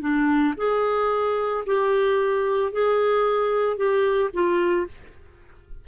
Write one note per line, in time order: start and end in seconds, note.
0.00 0.54 D4
0.57 1.64 G#4
1.66 2.72 G4
2.72 3.76 G#4
3.76 4.30 G4
4.33 4.87 F4